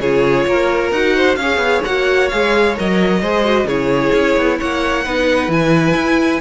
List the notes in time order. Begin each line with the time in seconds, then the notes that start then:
0.00 C#3 F4 G#4 C#5
0.47 A#3 A#4
0.92 D#4 F#4 F#5
1.16 C5
1.36 C#4 G#4 C#5 F5
1.57 B3
1.85 A#3 F#4 F#5
2.29 G#3 G#4 F5
2.77 F#3 A#4 D#5
3.21 G#3 G#4 C5
3.44 F#4
3.65 C#3 E4 G#4 C#5
4.13 C#4
4.37 B3
4.59 A#3 C#5 F#5
5.05 B3 D#4 B4
5.48 E3 E4 G#5
5.95 E4